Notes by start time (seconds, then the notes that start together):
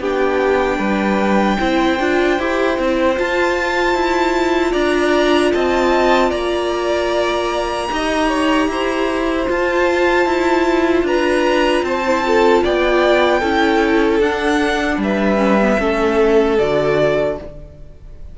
0.00 B3 D4 G4 G5
0.78 G3 B4
1.58 C4 E4 C5
2.00 D4 F4
2.39 E4 G4
2.76 C4 E4
3.15 F4 A5
3.95 E4
4.72 D4 D5 A#5
5.52 C4 D#5 A5
6.30 A#3 D5 A#5
7.90 D#4 G4 D#5
8.28 C#5
8.68 E4 C5
9.46 F4 A5
10.26 E4
11.03 D4 B4 A#5
11.83 C4 C5 A5
12.07 E4
12.24 F4 A4
12.64 B3 D5 G5
13.39 C#4 E4 A4
14.20 D4 F#5
14.98 G3 B4 E5
15.38 C#4
15.62 B3
15.79 A3 C#4 A4
16.58 D3 F#4 D5